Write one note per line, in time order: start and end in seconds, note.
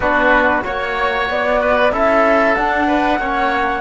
0.00 0.61 B3
0.00 0.63 D4
0.00 0.64 F#4
0.00 0.63 B4
0.63 1.29 A#3
0.63 1.91 F#4
0.63 1.28 C#5
0.63 1.60 C#5
1.29 1.92 B3
1.29 1.92 D5
1.60 1.92 B4
1.92 2.56 C#4
1.92 2.56 E4
1.92 2.87 A4
1.92 2.54 E5
2.54 3.20 D4
2.54 3.18 D4
2.54 3.81 F#5
2.87 3.19 B4
3.18 3.81 A#3
3.18 3.81 C#4
3.18 3.81 C#5